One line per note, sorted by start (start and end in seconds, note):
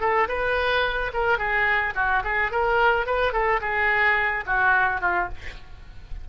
0.00 0.28 A4
0.28 1.12 B4
1.13 1.38 A#4
1.38 1.94 G#4
1.95 2.23 F#4
2.24 2.52 G#4
2.52 3.06 A#4
3.06 3.33 B4
3.33 3.60 A4
3.61 4.44 G#4
4.46 5.01 F#4
5.01 5.29 F4